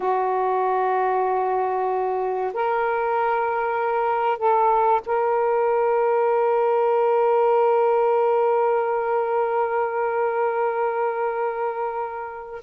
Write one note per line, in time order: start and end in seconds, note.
0.00 2.53 F#4
2.53 4.38 A#4
4.38 5.01 A4
5.06 12.62 A#4